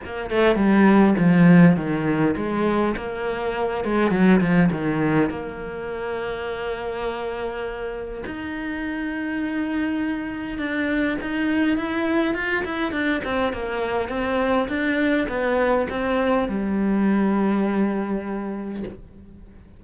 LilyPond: \new Staff \with { instrumentName = "cello" } { \time 4/4 \tempo 4 = 102 ais8 a8 g4 f4 dis4 | gis4 ais4. gis8 fis8 f8 | dis4 ais2.~ | ais2 dis'2~ |
dis'2 d'4 dis'4 | e'4 f'8 e'8 d'8 c'8 ais4 | c'4 d'4 b4 c'4 | g1 | }